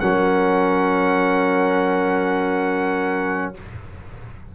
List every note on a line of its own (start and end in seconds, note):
0.00 3.55 F#3
0.00 3.55 C#4
0.00 3.56 A#4
0.00 3.53 F#5